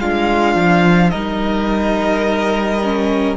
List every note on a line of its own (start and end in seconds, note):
0.00 0.55 G#3
0.00 1.12 D4
0.00 1.11 F4
0.00 1.10 F5
0.55 1.12 F3
1.10 3.37 G3
1.10 2.82 D#4
1.10 3.37 A#4
1.10 3.37 D#5
2.84 3.37 C#4